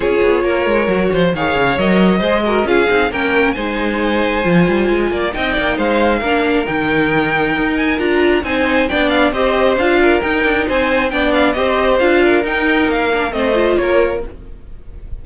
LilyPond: <<
  \new Staff \with { instrumentName = "violin" } { \time 4/4 \tempo 4 = 135 cis''2. f''4 | dis''2 f''4 g''4 | gis''1 | g''4 f''2 g''4~ |
g''4. gis''8 ais''4 gis''4 | g''8 f''8 dis''4 f''4 g''4 | gis''4 g''8 f''8 dis''4 f''4 | g''4 f''4 dis''4 cis''4 | }
  \new Staff \with { instrumentName = "violin" } { \time 4/4 gis'4 ais'4. c''8 cis''4~ | cis''4 c''8 ais'8 gis'4 ais'4 | c''2.~ c''8 d''8 | dis''8 d''8 c''4 ais'2~ |
ais'2. c''4 | d''4 c''4. ais'4. | c''4 d''4 c''4. ais'8~ | ais'2 c''4 ais'4 | }
  \new Staff \with { instrumentName = "viola" } { \time 4/4 f'2 fis'4 gis'4 | ais'4 gis'8 fis'8 f'8 dis'8 cis'4 | dis'2 f'2 | dis'2 d'4 dis'4~ |
dis'2 f'4 dis'4 | d'4 g'4 f'4 dis'4~ | dis'4 d'4 g'4 f'4 | dis'4. d'8 c'8 f'4. | }
  \new Staff \with { instrumentName = "cello" } { \time 4/4 cis'8 b8 ais8 gis8 fis8 f8 dis8 cis8 | fis4 gis4 cis'8 c'8 ais4 | gis2 f8 g8 gis8 ais8 | c'8 ais8 gis4 ais4 dis4~ |
dis4 dis'4 d'4 c'4 | b4 c'4 d'4 dis'8 d'8 | c'4 b4 c'4 d'4 | dis'4 ais4 a4 ais4 | }
>>